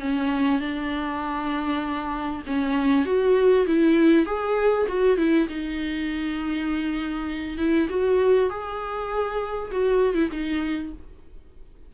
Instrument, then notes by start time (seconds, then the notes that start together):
viola
0.00 C#4
0.60 D4
2.47 C#4
3.05 F#4
3.67 E4
4.26 G#4
4.88 F#4
5.17 E4
5.48 D#4
7.58 E4
7.89 F#4
8.50 G#4
9.71 F#4
10.14 E4
10.32 D#4